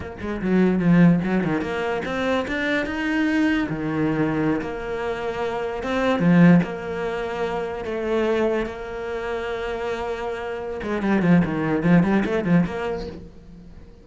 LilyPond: \new Staff \with { instrumentName = "cello" } { \time 4/4 \tempo 4 = 147 ais8 gis8 fis4 f4 fis8 dis8 | ais4 c'4 d'4 dis'4~ | dis'4 dis2~ dis16 ais8.~ | ais2~ ais16 c'4 f8.~ |
f16 ais2. a8.~ | a4~ a16 ais2~ ais8.~ | ais2~ ais8 gis8 g8 f8 | dis4 f8 g8 a8 f8 ais4 | }